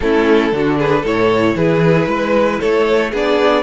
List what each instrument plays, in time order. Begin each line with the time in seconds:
0.00 cello A3, viola C#4, violin E4 A4
0.52 cello D3, viola D4, violin F#4
0.78 violin G#4 B4
1.01 cello A2, viola E4, violin A4 C#5
1.54 cello E3, violin G#4 B4
2.06 cello G#3, violin B4
2.60 cello A3, violin A4 C#5
3.11 cello B3, viola D4, violin G#4 D5